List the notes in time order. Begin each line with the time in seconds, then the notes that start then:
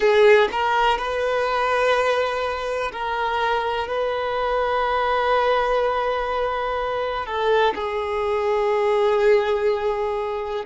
0.00 G#4
0.51 A#4
0.98 B4
2.92 A#4
3.87 B4
7.25 A4
7.74 G#4